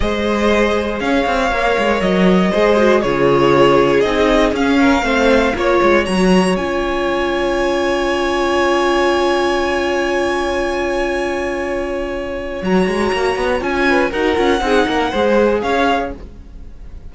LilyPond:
<<
  \new Staff \with { instrumentName = "violin" } { \time 4/4 \tempo 4 = 119 dis''2 f''2 | dis''2 cis''2 | dis''4 f''2 cis''4 | ais''4 gis''2.~ |
gis''1~ | gis''1~ | gis''4 ais''2 gis''4 | fis''2. f''4 | }
  \new Staff \with { instrumentName = "violin" } { \time 4/4 c''2 cis''2~ | cis''4 c''4 gis'2~ | gis'4. ais'8 c''4 cis''4~ | cis''1~ |
cis''1~ | cis''1~ | cis''2.~ cis''8 b'8 | ais'4 gis'8 ais'8 c''4 cis''4 | }
  \new Staff \with { instrumentName = "viola" } { \time 4/4 gis'2. ais'4~ | ais'4 gis'8 fis'8 f'2 | dis'4 cis'4 c'4 f'4 | fis'4 f'2.~ |
f'1~ | f'1~ | f'4 fis'2 f'4 | fis'8 f'8 dis'4 gis'2 | }
  \new Staff \with { instrumentName = "cello" } { \time 4/4 gis2 cis'8 c'8 ais8 gis8 | fis4 gis4 cis2 | c'4 cis'4 a4 ais8 gis8 | fis4 cis'2.~ |
cis'1~ | cis'1~ | cis'4 fis8 gis8 ais8 b8 cis'4 | dis'8 cis'8 c'8 ais8 gis4 cis'4 | }
>>